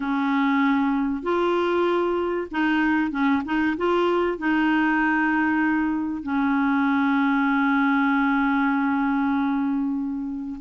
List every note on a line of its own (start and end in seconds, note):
0.00 1.22 C#4
1.22 2.47 F4
2.51 3.11 D#4
3.11 3.42 C#4
3.45 3.76 D#4
3.77 4.38 F4
4.38 6.22 D#4
6.22 10.60 C#4